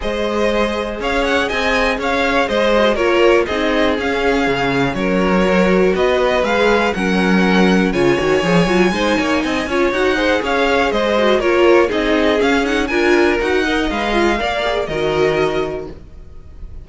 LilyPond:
<<
  \new Staff \with { instrumentName = "violin" } { \time 4/4 \tempo 4 = 121 dis''2 f''8 fis''8 gis''4 | f''4 dis''4 cis''4 dis''4 | f''2 cis''2 | dis''4 f''4 fis''2 |
gis''1 | fis''4 f''4 dis''4 cis''4 | dis''4 f''8 fis''8 gis''4 fis''4 | f''2 dis''2 | }
  \new Staff \with { instrumentName = "violin" } { \time 4/4 c''2 cis''4 dis''4 | cis''4 c''4 ais'4 gis'4~ | gis'2 ais'2 | b'2 ais'2 |
cis''2 c''8 cis''8 dis''8 cis''8~ | cis''8 c''8 cis''4 c''4 ais'4 | gis'2 ais'4. dis''8~ | dis''4 d''4 ais'2 | }
  \new Staff \with { instrumentName = "viola" } { \time 4/4 gis'1~ | gis'4. fis'8 f'4 dis'4 | cis'2. fis'4~ | fis'4 gis'4 cis'2 |
f'8 fis'8 gis'8 f'8 dis'4. f'8 | fis'8 gis'2 fis'8 f'4 | dis'4 cis'8 dis'8 f'4 fis'8 ais'8 | b'8 f'8 ais'8 gis'8 fis'2 | }
  \new Staff \with { instrumentName = "cello" } { \time 4/4 gis2 cis'4 c'4 | cis'4 gis4 ais4 c'4 | cis'4 cis4 fis2 | b4 gis4 fis2 |
cis8 dis8 f8 fis8 gis8 ais8 c'8 cis'8 | dis'4 cis'4 gis4 ais4 | c'4 cis'4 d'4 dis'4 | gis4 ais4 dis2 | }
>>